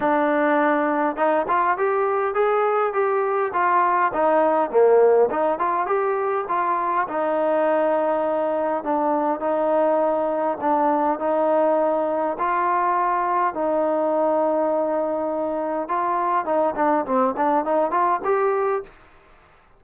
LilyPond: \new Staff \with { instrumentName = "trombone" } { \time 4/4 \tempo 4 = 102 d'2 dis'8 f'8 g'4 | gis'4 g'4 f'4 dis'4 | ais4 dis'8 f'8 g'4 f'4 | dis'2. d'4 |
dis'2 d'4 dis'4~ | dis'4 f'2 dis'4~ | dis'2. f'4 | dis'8 d'8 c'8 d'8 dis'8 f'8 g'4 | }